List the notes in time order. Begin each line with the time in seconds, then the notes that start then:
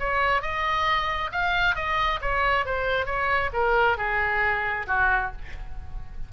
0.00 C#5
0.42 D#5
1.32 F5
1.76 D#5
2.22 C#5
2.66 C5
3.06 C#5
3.54 A#4
3.98 G#4
4.88 F#4